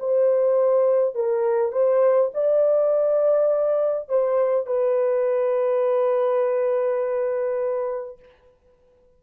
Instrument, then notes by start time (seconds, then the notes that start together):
horn
0.00 C5
1.16 A#4
1.72 C5
2.34 D5
4.09 C5
4.67 B4